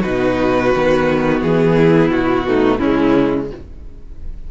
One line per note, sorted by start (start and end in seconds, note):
0.00 0.74 B2
0.00 0.73 D#4
0.00 1.72 F#4
0.00 1.40 B4
0.75 1.42 D#3
0.75 2.48 B3
1.42 2.10 E3
1.42 2.11 G#4
1.78 2.47 E4
2.10 2.79 B2
2.10 2.78 F#4
2.48 2.82 A3
2.48 2.79 D#4
2.78 3.51 C#3
2.78 3.52 G#3
2.78 3.48 C#4
2.78 3.47 E4